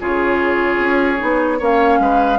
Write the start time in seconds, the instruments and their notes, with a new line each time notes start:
0.00 bassoon C#3, clarinet F4, oboe G#4, flute C#5
0.79 bassoon C#4
1.17 bassoon B3, clarinet D#4
1.58 bassoon A#3, clarinet C#4, oboe C#5, flute F5
1.99 bassoon G#3, oboe B4